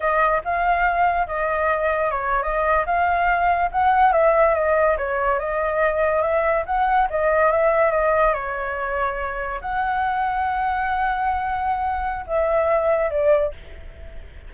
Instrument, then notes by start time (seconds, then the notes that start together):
flute
0.00 D#5
0.44 F5
1.27 D#5
2.10 C#5
2.42 D#5
2.86 F5
3.71 F#5
4.12 E5
4.54 D#5
4.97 C#5
5.39 D#5
6.22 E5
6.65 F#5
7.10 D#5
7.51 E5
7.91 D#5
8.33 C#5
9.61 F#5
12.27 E5
13.10 D5